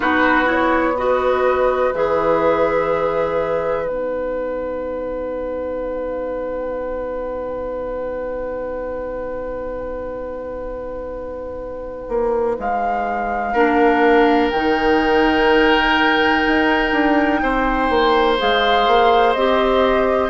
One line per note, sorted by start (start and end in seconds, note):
0.00 1.93 B3
0.00 0.45 D#4
0.00 0.95 F#4
0.00 0.48 B4
0.45 0.93 E4
0.45 0.97 C#5
0.95 1.94 F#4
0.95 13.53 B4
0.95 1.94 D#5
1.94 3.87 E3
1.94 3.85 G#4
1.94 3.87 E5
3.85 12.08 B3
3.85 13.53 D#4
3.85 12.58 F#5
12.08 12.56 A#3
12.59 13.53 G#3
12.59 14.49 F5
13.53 14.50 A#3
13.53 14.51 D4
13.53 17.40 A#4
14.49 16.45 D#3
14.49 18.36 G5
14.55 18.38 D#4
16.47 16.92 D#4
16.92 17.40 D4
17.42 17.89 C4
17.42 20.29 C5
17.89 18.37 A#3
18.38 18.87 G#3
18.38 19.35 G#4
18.38 19.33 F5
18.87 19.34 A#3
19.33 20.29 C4
19.33 20.29 G4
19.33 20.29 D#5